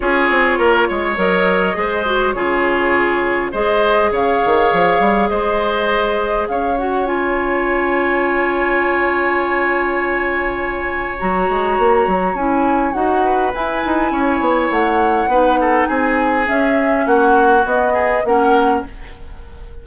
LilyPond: <<
  \new Staff \with { instrumentName = "flute" } { \time 4/4 \tempo 4 = 102 cis''2 dis''2 | cis''2 dis''4 f''4~ | f''4 dis''2 f''8 fis''8 | gis''1~ |
gis''2. ais''4~ | ais''4 gis''4 fis''4 gis''4~ | gis''4 fis''2 gis''4 | e''4 fis''4 dis''4 fis''4 | }
  \new Staff \with { instrumentName = "oboe" } { \time 4/4 gis'4 ais'8 cis''4. c''4 | gis'2 c''4 cis''4~ | cis''4 c''2 cis''4~ | cis''1~ |
cis''1~ | cis''2~ cis''8 b'4. | cis''2 b'8 a'8 gis'4~ | gis'4 fis'4. gis'8 ais'4 | }
  \new Staff \with { instrumentName = "clarinet" } { \time 4/4 f'2 ais'4 gis'8 fis'8 | f'2 gis'2~ | gis'2.~ gis'8 fis'8 | f'1~ |
f'2. fis'4~ | fis'4 e'4 fis'4 e'4~ | e'2 dis'2 | cis'2 b4 cis'4 | }
  \new Staff \with { instrumentName = "bassoon" } { \time 4/4 cis'8 c'8 ais8 gis8 fis4 gis4 | cis2 gis4 cis8 dis8 | f8 g8 gis2 cis'4~ | cis'1~ |
cis'2. fis8 gis8 | ais8 fis8 cis'4 dis'4 e'8 dis'8 | cis'8 b8 a4 b4 c'4 | cis'4 ais4 b4 ais4 | }
>>